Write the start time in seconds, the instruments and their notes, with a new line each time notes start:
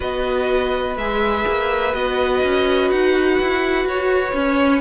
0.00 cello B3, viola F#4, violin B4 D#5
0.96 cello G#3, viola G#4, violin E5
1.47 cello A#3
1.93 cello B3, viola F#4, violin D#5
2.43 cello C#4
2.90 cello D#4, violin F#5
3.40 cello E4
3.84 cello F#4, violin C#5
4.33 cello C#4, viola C#4